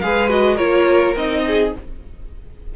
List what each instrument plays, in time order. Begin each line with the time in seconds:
0.00 cello G#3, viola G#4, violin B4 F5
0.29 viola F#4, violin D#5
0.55 cello A#3, viola F4, violin A#4 C#5
1.15 cello C4, viola D#4, violin D#5
1.47 violin G#4